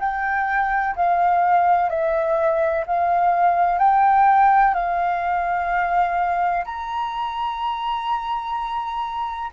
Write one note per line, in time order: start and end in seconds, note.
0.00 0.95 G5
0.96 1.90 F5
1.90 2.85 E5
2.87 3.79 F5
3.79 4.74 G5
4.74 6.65 F5
6.65 9.51 A#5